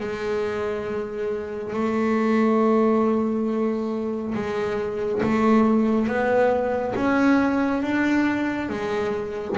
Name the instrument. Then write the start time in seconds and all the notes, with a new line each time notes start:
double bass
0.00 G#3
1.74 A3
4.35 G#3
5.23 A3
6.08 B3
6.96 C#4
7.83 D4
8.70 G#3